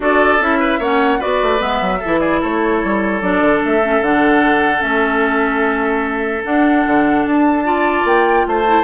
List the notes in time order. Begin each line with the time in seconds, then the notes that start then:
0.00 D4 F#4 A4 D5
0.39 C#4 E4 E5
0.59 B4
0.79 A#3 C#4 C#5 F#5
1.19 B3 F#4 B4 D5
1.42 A3
1.58 G#3 B3 E5
1.81 F#3
1.99 E4 A4
2.05 E3
2.19 G#4 D5
2.40 A3 A4 C#5
2.83 G3
3.21 F#3 D4 D5
3.41 D3
3.65 A3 E5
3.82 C#4
4.01 D3 D4 F#5
4.79 A3 C#4 E5
6.44 D4 F#5
6.86 D3
7.25 D4 A5
7.64 F4 D5
8.04 A#3 G5
8.46 A3 C5 A5
8.66 E4